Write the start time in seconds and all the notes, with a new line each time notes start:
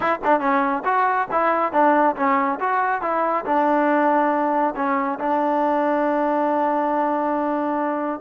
0.00 E4
0.24 D4
0.40 C#4
0.84 F#4
1.31 E4
1.72 D4
2.16 C#4
2.60 F#4
3.01 E4
3.45 D4
4.75 C#4
5.19 D4